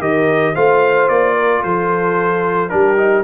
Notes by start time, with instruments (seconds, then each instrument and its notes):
0.00 tuba D#3, trombone G4, horn A#4, trumpet D#5
0.55 tuba A3, trombone F4, horn C5, trumpet F5
1.09 tuba A#3, trumpet D5
1.35 horn A#4
1.64 tuba F3, horn A4, trumpet C5
2.70 tuba G3, trombone D4, horn G4, trumpet A#4
2.97 trombone D#4